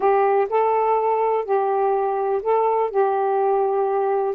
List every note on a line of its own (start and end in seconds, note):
0.00 0.47 G4
0.49 1.44 A4
1.44 2.41 G4
2.42 2.90 A4
2.90 4.34 G4